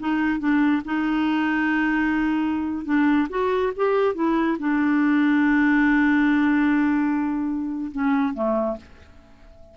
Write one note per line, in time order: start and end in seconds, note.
0.00 0.40 D#4
0.40 0.83 D4
0.85 2.85 D#4
2.85 3.28 D4
3.30 3.73 F#4
3.77 4.15 G4
4.15 4.58 E4
4.60 7.92 D4
7.92 8.34 C#4
8.34 8.77 A3